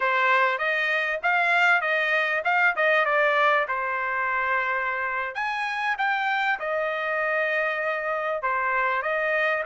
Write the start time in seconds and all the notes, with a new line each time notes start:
0.00 C5
0.58 D#5
1.22 F5
1.81 D#5
2.44 F5
2.76 D#5
3.05 D5
3.68 C5
5.34 G#5
5.97 G5
6.59 D#5
8.42 C5
9.02 D#5